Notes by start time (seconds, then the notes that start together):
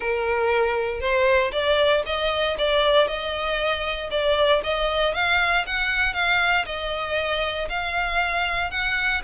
0.00 A#4
1.00 C5
1.52 D5
2.06 D#5
2.58 D5
3.07 D#5
4.10 D5
4.63 D#5
5.14 F5
5.66 F#5
6.13 F5
6.65 D#5
7.69 F5
8.70 F#5